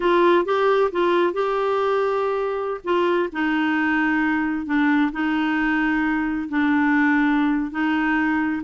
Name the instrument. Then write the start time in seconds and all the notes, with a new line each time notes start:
clarinet
0.00 F4
0.45 G4
0.91 F4
1.33 G4
2.84 F4
3.32 D#4
4.65 D4
5.12 D#4
6.48 D4
7.71 D#4